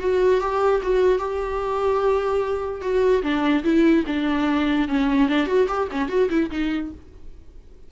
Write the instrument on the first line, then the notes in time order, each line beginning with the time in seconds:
viola
0.00 F#4
0.41 G4
0.83 F#4
1.19 G4
2.82 F#4
3.23 D4
3.64 E4
4.06 D4
4.88 C#4
5.29 D4
5.47 F#4
5.68 G4
5.91 C#4
6.09 F#4
6.30 E4
6.51 D#4